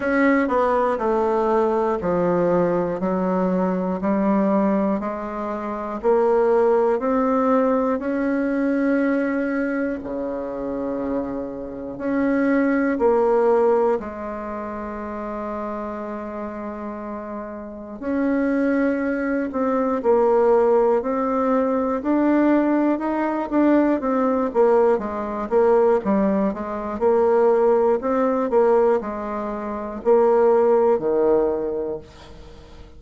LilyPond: \new Staff \with { instrumentName = "bassoon" } { \time 4/4 \tempo 4 = 60 cis'8 b8 a4 f4 fis4 | g4 gis4 ais4 c'4 | cis'2 cis2 | cis'4 ais4 gis2~ |
gis2 cis'4. c'8 | ais4 c'4 d'4 dis'8 d'8 | c'8 ais8 gis8 ais8 g8 gis8 ais4 | c'8 ais8 gis4 ais4 dis4 | }